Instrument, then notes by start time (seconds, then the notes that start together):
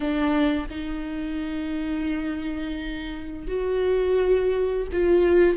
viola
0.00 D4
0.70 D#4
3.47 F#4
4.92 F4